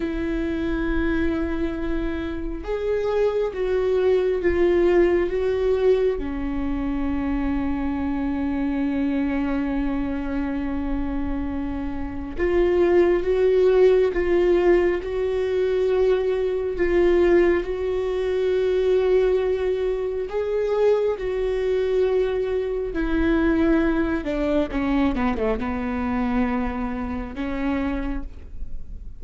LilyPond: \new Staff \with { instrumentName = "viola" } { \time 4/4 \tempo 4 = 68 e'2. gis'4 | fis'4 f'4 fis'4 cis'4~ | cis'1~ | cis'2 f'4 fis'4 |
f'4 fis'2 f'4 | fis'2. gis'4 | fis'2 e'4. d'8 | cis'8 b16 a16 b2 cis'4 | }